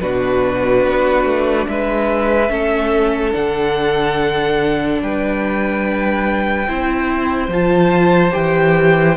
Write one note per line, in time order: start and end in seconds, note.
0.00 0.84 B2
0.00 2.49 D4
0.00 1.69 F#4
0.00 1.67 B4
0.84 1.25 B3
1.25 1.66 A3
1.68 2.50 G#3
1.68 2.52 B4
1.68 3.33 E5
2.49 3.33 A3
2.49 3.32 C#4
2.49 5.02 A4
3.32 5.02 D3
3.32 6.65 D4
3.32 5.00 F#5
5.02 6.68 G3
5.02 6.68 B4
5.02 7.52 G5
6.67 7.48 C4
6.67 7.51 E4
6.67 9.17 C5
7.48 8.31 F3
7.48 8.31 F4
7.48 8.34 A5
8.31 9.17 E3
8.31 9.15 G4
8.31 9.17 G5